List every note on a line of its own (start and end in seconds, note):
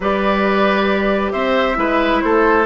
0.00 1.32 G3
0.00 1.75 G4
0.00 1.32 B4
0.00 1.32 D5
1.32 1.77 C4
1.32 1.76 C5
1.32 2.21 E5
1.75 2.21 G#3
1.75 2.64 E4
1.75 2.23 B4
2.21 2.65 A3
2.21 2.65 A4
2.21 2.65 C5